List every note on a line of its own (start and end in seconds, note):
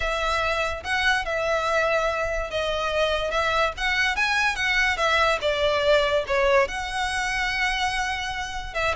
0.00 0.83 E5
0.83 1.25 F#5
1.25 2.50 E5
2.50 3.30 D#5
3.30 3.72 E5
3.77 4.16 F#5
4.16 4.55 G#5
4.55 4.97 F#5
4.97 5.38 E5
5.41 6.24 D5
6.27 6.68 C#5
6.68 8.74 F#5
8.74 8.95 E5